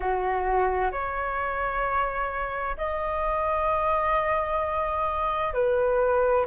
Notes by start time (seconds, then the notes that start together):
0.00 F#4
0.91 C#5
2.77 D#5
5.53 B4